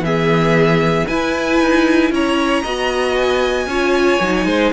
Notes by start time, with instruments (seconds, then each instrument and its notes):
0.00 cello E3, viola B3, violin G#4 E5
1.07 viola E4, cello E4, violin B4 G#5
1.60 cello D#4
2.11 cello C#4, violin C#5 A#5
2.62 cello B3, viola F#4, violin D#5
3.16 violin G#5
3.66 cello C#4, viola F4, violin C#5
4.20 cello F#3, viola D#4
4.45 cello G#3, violin C5